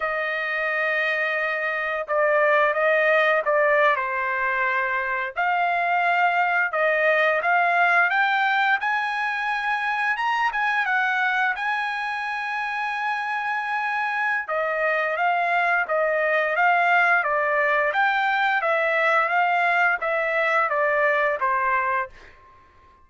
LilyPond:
\new Staff \with { instrumentName = "trumpet" } { \time 4/4 \tempo 4 = 87 dis''2. d''4 | dis''4 d''8. c''2 f''16~ | f''4.~ f''16 dis''4 f''4 g''16~ | g''8. gis''2 ais''8 gis''8 fis''16~ |
fis''8. gis''2.~ gis''16~ | gis''4 dis''4 f''4 dis''4 | f''4 d''4 g''4 e''4 | f''4 e''4 d''4 c''4 | }